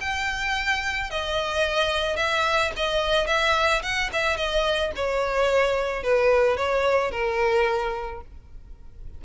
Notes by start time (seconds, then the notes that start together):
0.00 G5
1.10 D#5
2.16 E5
2.76 D#5
3.27 E5
3.82 F#5
4.12 E5
4.36 D#5
4.95 C#5
6.03 B4
6.57 C#5
7.11 A#4